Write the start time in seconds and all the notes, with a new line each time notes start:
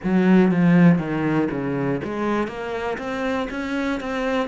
0.03 F#3
0.51 F3
0.98 D#3
1.50 C#3
2.03 G#3
2.47 A#3
2.97 C4
3.50 C#4
4.00 C4